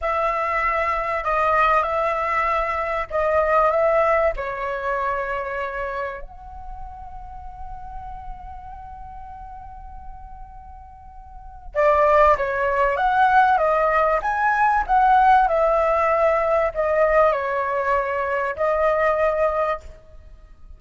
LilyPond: \new Staff \with { instrumentName = "flute" } { \time 4/4 \tempo 4 = 97 e''2 dis''4 e''4~ | e''4 dis''4 e''4 cis''4~ | cis''2 fis''2~ | fis''1~ |
fis''2. d''4 | cis''4 fis''4 dis''4 gis''4 | fis''4 e''2 dis''4 | cis''2 dis''2 | }